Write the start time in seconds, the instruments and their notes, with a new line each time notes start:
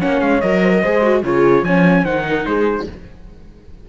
0.00 cello A#3, viola C#4, horn C#5, trumpet F#5
0.21 cello G#3, trumpet F5
0.41 cello F#3, viola A#4, trumpet D#5
0.63 horn C5
0.74 horn A#4
0.83 cello G#3, viola G#4, horn C5
1.03 viola F#4
1.23 cello C#3, viola F4, horn G#4, trumpet C#5
1.63 cello F3, viola C#4, horn C#5, trumpet G#5
2.04 cello D#3, viola D#4, horn C5, trumpet F#5
2.29 horn A#4
2.46 cello G#3, horn G#4, trumpet C5